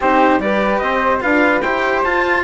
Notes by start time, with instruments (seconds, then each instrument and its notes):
0.00 bassoon C4, cello D#4, flute G4, trumpet C5
0.38 bassoon G3, cello G4, flute B4, trumpet D5
0.78 bassoon C4, flute C5, trumpet D#5
1.20 bassoon D4, cello F4, flute B4, trumpet F5
1.61 bassoon E4, cello G4, flute C5, trumpet G5
2.03 cello F4, bassoon F4, trumpet A5